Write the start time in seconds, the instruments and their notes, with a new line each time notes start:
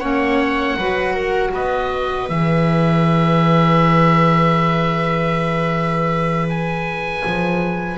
0.00 double bass A#3, saxophone C#4, viola C#5, oboe F#5
0.77 double bass F#3, saxophone F#4, viola B4
1.15 viola A#4
1.54 double bass B3, viola B4, oboe D#5
2.29 double bass E3, saxophone G#4, oboe E5
6.50 oboe G#5
7.26 double bass F3